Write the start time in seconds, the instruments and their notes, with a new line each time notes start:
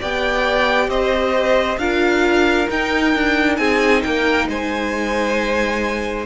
0.00 cello B3, viola G4, violin D5 G5
0.88 cello C4, violin C5 D#5
1.78 cello D4, viola F4, violin A#4 F5
2.69 viola D#4, cello D#4, violin G5
3.15 cello D4
3.57 cello C4, violin G#4 G#5
4.03 cello A#3, violin A#4 G5
4.48 cello G#3, violin C5 G#5